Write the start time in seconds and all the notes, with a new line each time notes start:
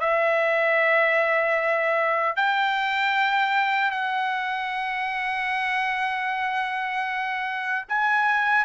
0.00 E5
2.36 G5
3.91 F#5
7.88 G#5